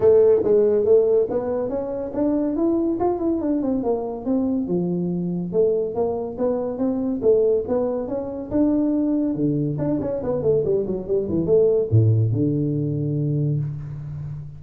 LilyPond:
\new Staff \with { instrumentName = "tuba" } { \time 4/4 \tempo 4 = 141 a4 gis4 a4 b4 | cis'4 d'4 e'4 f'8 e'8 | d'8 c'8 ais4 c'4 f4~ | f4 a4 ais4 b4 |
c'4 a4 b4 cis'4 | d'2 d4 d'8 cis'8 | b8 a8 g8 fis8 g8 e8 a4 | a,4 d2. | }